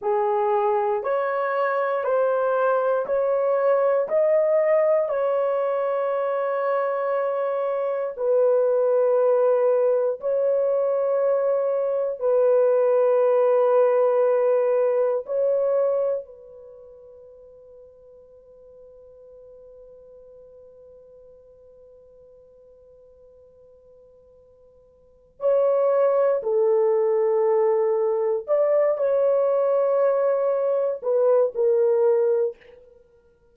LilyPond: \new Staff \with { instrumentName = "horn" } { \time 4/4 \tempo 4 = 59 gis'4 cis''4 c''4 cis''4 | dis''4 cis''2. | b'2 cis''2 | b'2. cis''4 |
b'1~ | b'1~ | b'4 cis''4 a'2 | d''8 cis''2 b'8 ais'4 | }